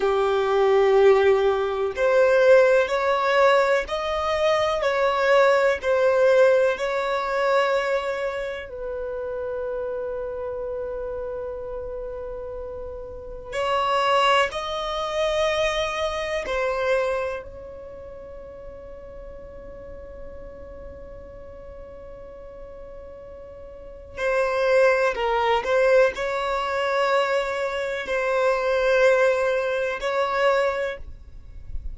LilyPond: \new Staff \with { instrumentName = "violin" } { \time 4/4 \tempo 4 = 62 g'2 c''4 cis''4 | dis''4 cis''4 c''4 cis''4~ | cis''4 b'2.~ | b'2 cis''4 dis''4~ |
dis''4 c''4 cis''2~ | cis''1~ | cis''4 c''4 ais'8 c''8 cis''4~ | cis''4 c''2 cis''4 | }